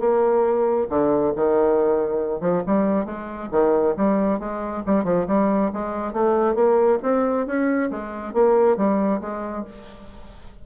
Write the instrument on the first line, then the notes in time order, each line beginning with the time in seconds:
bassoon
0.00 A#3
0.89 D3
1.36 D#3
2.41 F3
2.67 G3
3.06 G#3
3.52 D#3
3.97 G3
4.40 G#3
4.87 G3
5.04 F3
5.28 G3
5.73 G#3
6.13 A3
6.55 A#3
7.03 C4
7.47 C#4
7.91 G#3
8.34 A#3
8.77 G3
9.21 G#3